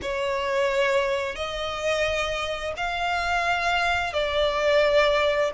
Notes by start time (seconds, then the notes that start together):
0.02 C#5
1.35 D#5
2.76 F5
4.13 D5